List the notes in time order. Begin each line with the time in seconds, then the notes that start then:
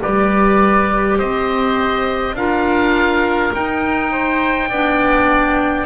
0.00 G3 G4 B4 D5
1.17 C4 C5 D#5
2.34 D4 F4 A#4 F5
3.53 D#4 G5
4.12 C5
4.69 B3 D4 D5